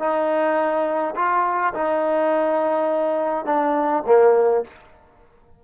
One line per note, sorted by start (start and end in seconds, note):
0.00 1.15 D#4
1.16 1.74 F4
1.74 3.46 D#4
3.46 4.04 D4
4.07 4.65 A#3